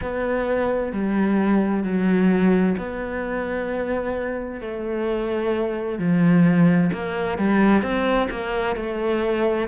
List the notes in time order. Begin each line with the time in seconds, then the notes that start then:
0.01 B3
0.92 G3
1.83 F#3
2.77 B3
4.60 A3
5.98 F3
6.92 A#3
7.38 G3
7.82 C4
8.30 A#3
8.76 A3